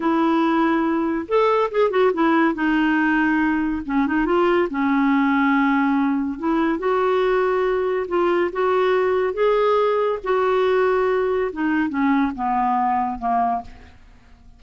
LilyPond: \new Staff \with { instrumentName = "clarinet" } { \time 4/4 \tempo 4 = 141 e'2. a'4 | gis'8 fis'8 e'4 dis'2~ | dis'4 cis'8 dis'8 f'4 cis'4~ | cis'2. e'4 |
fis'2. f'4 | fis'2 gis'2 | fis'2. dis'4 | cis'4 b2 ais4 | }